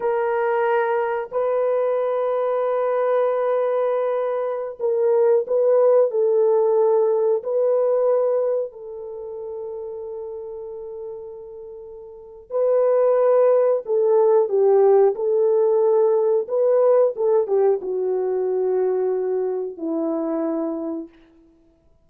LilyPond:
\new Staff \with { instrumentName = "horn" } { \time 4/4 \tempo 4 = 91 ais'2 b'2~ | b'2.~ b'16 ais'8.~ | ais'16 b'4 a'2 b'8.~ | b'4~ b'16 a'2~ a'8.~ |
a'2. b'4~ | b'4 a'4 g'4 a'4~ | a'4 b'4 a'8 g'8 fis'4~ | fis'2 e'2 | }